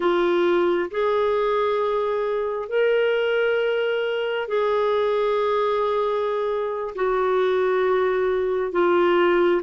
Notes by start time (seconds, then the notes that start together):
0.00 F4
0.90 G#4
2.69 A#4
4.48 G#4
6.95 F#4
8.72 F4